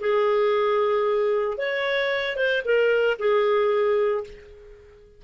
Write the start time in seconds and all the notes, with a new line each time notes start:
0.00 G#4
1.58 C#5
2.37 C5
2.65 A#4
3.19 G#4